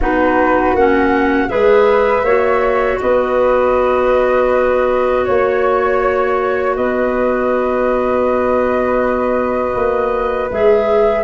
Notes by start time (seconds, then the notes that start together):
0.00 B3 D#4 F#4 B4
0.73 A#3 C#4 F#5
1.48 G#3 G#4 B4 E5
2.23 A#3 F#4 C#5
3.00 B3 B4 D#5
5.24 A#3 C#5
6.75 B3 B4 D#5
9.74 A#3
10.50 G#3 G#4 E5